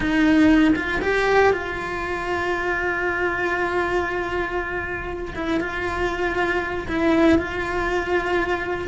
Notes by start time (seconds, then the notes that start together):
0.00 D#4
0.75 F4
1.01 G4
1.53 F4
5.35 E4
5.60 F4
6.88 E4
7.38 F4